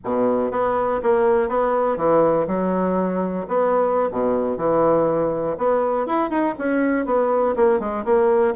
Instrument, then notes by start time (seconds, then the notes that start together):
bassoon
0.04 B2
0.51 B3
1.02 A#3
1.49 B3
1.97 E3
2.47 F#3
3.47 B3
4.11 B2
4.57 E3
5.57 B3
6.06 E4
6.30 D#4
6.58 C#4
7.05 B3
7.56 A#3
7.79 G#3
8.04 A#3